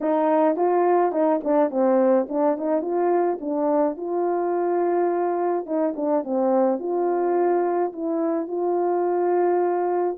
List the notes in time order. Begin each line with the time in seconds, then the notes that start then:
0.00 D#4
0.56 F4
1.12 D#4
1.43 D4
1.70 C4
2.28 D4
2.57 D#4
2.81 F4
3.40 D4
3.96 F4
5.66 D#4
5.96 D4
6.23 C4
6.79 F4
7.92 E4
8.47 F4